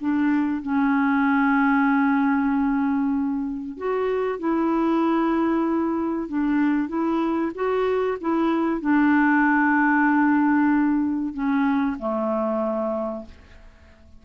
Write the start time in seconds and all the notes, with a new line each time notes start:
0.00 D4
0.62 C#4
3.77 F#4
4.39 E4
6.28 D4
6.88 E4
7.54 F#4
8.20 E4
8.81 D4
11.33 C#4
11.98 A3